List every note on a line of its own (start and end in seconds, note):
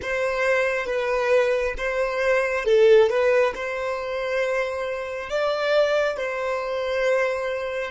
0.02 0.86 C5
0.86 1.74 B4
1.77 2.65 C5
2.65 3.09 A4
3.09 3.53 B4
3.54 5.29 C5
5.29 6.16 D5
6.16 7.91 C5